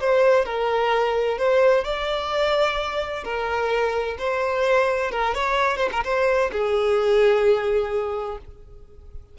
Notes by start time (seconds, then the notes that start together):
0.00 C5
0.45 A#4
1.38 C5
1.85 D5
3.24 A#4
4.19 C5
5.12 A#4
5.34 C#5
5.77 C5
5.92 A#4
6.04 C5
6.52 G#4